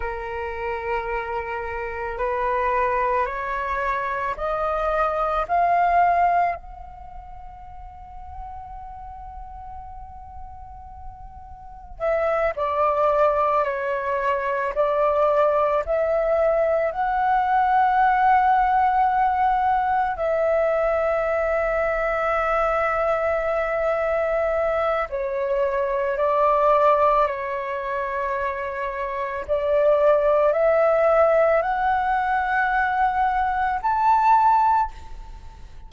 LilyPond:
\new Staff \with { instrumentName = "flute" } { \time 4/4 \tempo 4 = 55 ais'2 b'4 cis''4 | dis''4 f''4 fis''2~ | fis''2. e''8 d''8~ | d''8 cis''4 d''4 e''4 fis''8~ |
fis''2~ fis''8 e''4.~ | e''2. cis''4 | d''4 cis''2 d''4 | e''4 fis''2 a''4 | }